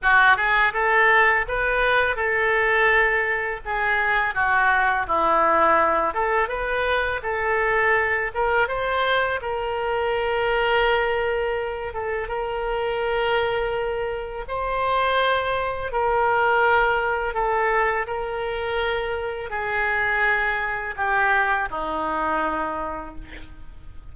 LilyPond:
\new Staff \with { instrumentName = "oboe" } { \time 4/4 \tempo 4 = 83 fis'8 gis'8 a'4 b'4 a'4~ | a'4 gis'4 fis'4 e'4~ | e'8 a'8 b'4 a'4. ais'8 | c''4 ais'2.~ |
ais'8 a'8 ais'2. | c''2 ais'2 | a'4 ais'2 gis'4~ | gis'4 g'4 dis'2 | }